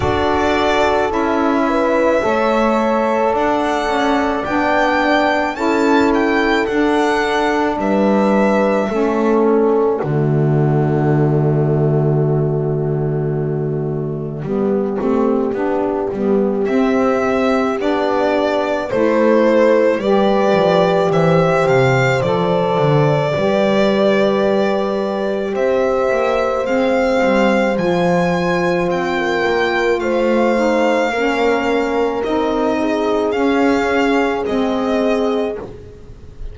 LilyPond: <<
  \new Staff \with { instrumentName = "violin" } { \time 4/4 \tempo 4 = 54 d''4 e''2 fis''4 | g''4 a''8 g''8 fis''4 e''4~ | e''8 d''2.~ d''8~ | d''2. e''4 |
d''4 c''4 d''4 e''8 f''8 | d''2. e''4 | f''4 gis''4 g''4 f''4~ | f''4 dis''4 f''4 dis''4 | }
  \new Staff \with { instrumentName = "horn" } { \time 4/4 a'4. b'8 cis''4 d''4~ | d''4 a'2 b'4 | a'4 fis'2.~ | fis'4 g'2.~ |
g'4 a'4 b'4 c''4~ | c''4 b'2 c''4~ | c''2~ c''16 ais'8. c''4 | ais'4. gis'2~ gis'8 | }
  \new Staff \with { instrumentName = "saxophone" } { \time 4/4 fis'4 e'4 a'2 | d'4 e'4 d'2 | cis'4 a2.~ | a4 b8 c'8 d'8 b8 c'4 |
d'4 e'4 g'2 | a'4 g'2. | c'4 f'2~ f'8 dis'8 | cis'4 dis'4 cis'4 c'4 | }
  \new Staff \with { instrumentName = "double bass" } { \time 4/4 d'4 cis'4 a4 d'8 cis'8 | b4 cis'4 d'4 g4 | a4 d2.~ | d4 g8 a8 b8 g8 c'4 |
b4 a4 g8 f8 e8 c8 | f8 d8 g2 c'8 ais8 | gis8 g8 f4 c'8 ais8 a4 | ais4 c'4 cis'4 gis4 | }
>>